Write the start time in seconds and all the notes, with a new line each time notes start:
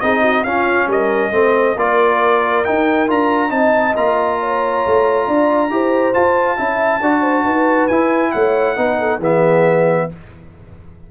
0.00 C4 D#4 G#4 D#5
0.21 F#4
0.43 C#4 F4 F5
0.87 G3 A#4 D#5
1.31 A3 C4 C5
1.75 A#3 F4 A#4 D5
2.64 D#4 G5
3.07 D4 F4 A#5
3.49 C4 D#4 D#5 A5
3.96 A#3 F4 A#5
4.39 C#5
4.86 A3
5.27 D4 D5
5.70 E4 G4 C5
6.13 F4 A5
6.56 C#4 E4 E5
7.01 D4 F#4 D5
7.21 C5
7.43 D#4 B4
7.87 E4 G#5
8.31 A3 C#5 F#5
8.76 B3 D#4 B4
8.99 A4
9.19 E3 B3 G#4 E5